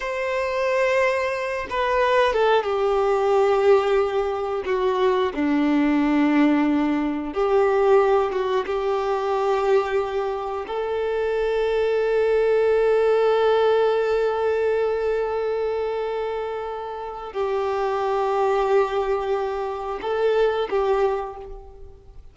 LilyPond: \new Staff \with { instrumentName = "violin" } { \time 4/4 \tempo 4 = 90 c''2~ c''8 b'4 a'8 | g'2. fis'4 | d'2. g'4~ | g'8 fis'8 g'2. |
a'1~ | a'1~ | a'2 g'2~ | g'2 a'4 g'4 | }